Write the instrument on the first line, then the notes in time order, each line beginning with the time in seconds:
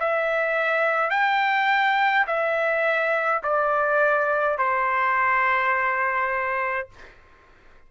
trumpet
0.00 E5
1.10 G5
2.27 E5
3.43 D5
4.58 C5